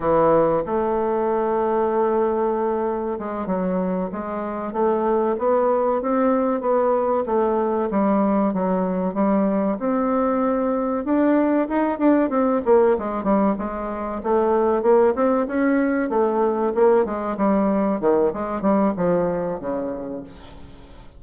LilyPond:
\new Staff \with { instrumentName = "bassoon" } { \time 4/4 \tempo 4 = 95 e4 a2.~ | a4 gis8 fis4 gis4 a8~ | a8 b4 c'4 b4 a8~ | a8 g4 fis4 g4 c'8~ |
c'4. d'4 dis'8 d'8 c'8 | ais8 gis8 g8 gis4 a4 ais8 | c'8 cis'4 a4 ais8 gis8 g8~ | g8 dis8 gis8 g8 f4 cis4 | }